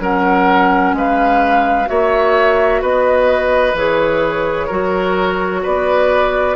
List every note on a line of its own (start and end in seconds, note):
0.00 0.93 F#3
0.00 1.86 C#4
0.00 0.96 A#4
0.00 0.96 F#5
0.93 1.87 G#3
0.93 1.89 B4
0.93 1.89 F5
1.86 2.82 A#3
1.86 3.73 F#4
1.86 2.82 C#5
1.86 2.82 E5
2.82 3.74 B3
2.82 4.67 B4
2.82 3.77 D#5
3.74 4.68 E3
3.74 4.70 G#4
3.74 5.65 C#5
4.67 5.65 F#3
4.67 6.56 F#4
4.67 5.61 A#4
5.63 6.56 B3
5.63 6.56 B4
5.63 6.56 D5